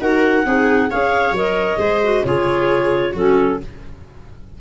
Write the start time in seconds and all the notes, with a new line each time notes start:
0.00 D#4 F#4 A#4 F#5
0.44 C4 D#4 G#4
0.90 C#4 G#4 C#5 F5
1.31 F#3 A#4 D#5
1.77 G#3 G#4 C5
2.03 F#4
2.24 C#3 F4 G#4 C#5
3.12 F#3 C#4 F#4 A4